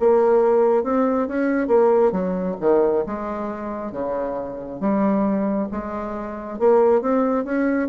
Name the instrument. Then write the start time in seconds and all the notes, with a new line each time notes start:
bassoon
0.00 A#3
0.83 C4
1.28 C#4
1.68 A#3
2.12 F#3
2.60 D#3
3.06 G#3
3.92 C#3
4.80 G3
5.72 G#3
6.59 A#3
7.01 C4
7.44 C#4